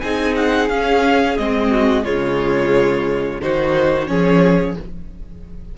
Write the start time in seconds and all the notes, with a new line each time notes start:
0.00 C4 D#4 G#4 G#5
0.36 F#5
0.69 C#4 F5
1.37 G#3 C4 D#5
1.70 F#4
2.04 C#3 G#3 F4 C#5
3.41 D#3 D#4 F#4 C5
4.07 F3 C#4 G#4 C#5